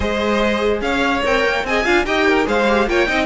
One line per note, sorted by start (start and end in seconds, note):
0.00 0.81 G#3
0.00 1.23 G#4
0.00 0.82 C5
0.00 0.80 D#5
0.81 1.22 C#4
0.81 1.66 C#5
0.81 1.22 F5
1.24 1.45 C4
1.24 1.65 A#4
1.24 1.65 G5
1.45 1.63 A#3
1.63 1.84 C4
1.63 1.85 G#4
1.63 1.84 D#5
1.63 2.05 G#5
1.84 2.05 D4
1.84 2.05 F4
1.84 2.05 F5
2.05 2.46 D#4
2.05 2.44 G4
2.05 2.27 D#5
2.05 2.46 G5
2.27 2.47 A#4
2.44 2.87 G#3
2.44 2.65 G#4
2.44 2.88 C5
2.44 2.88 F5
2.68 2.88 G4
2.87 3.07 A#3
2.87 3.07 F4
2.87 3.07 C#5
2.87 3.26 G5
3.07 3.26 C4
3.07 3.26 D#4
3.07 3.26 D#5